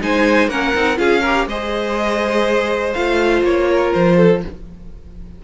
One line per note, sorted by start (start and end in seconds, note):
0.00 0.48 G#3
0.00 0.49 D#4
0.00 0.49 C5
0.00 0.49 G#5
0.48 0.73 A#3
0.48 0.75 C#4
0.48 0.98 A#4
0.48 0.98 F#5
0.75 0.98 C4
0.75 0.95 D#4
0.95 1.47 C#4
0.95 1.20 F4
0.95 1.21 G#4
0.95 1.47 F5
1.21 1.50 G4
1.21 1.45 A#4
1.47 2.94 G#3
1.47 2.95 G#4
1.47 3.70 C5
1.47 2.93 D#5
2.93 3.42 A3
2.93 4.43 F4
2.93 3.43 F5
3.42 3.91 A#3
3.42 3.93 C#5
3.71 4.17 A#4
3.93 4.44 F3
3.93 4.42 C5
4.17 4.41 A4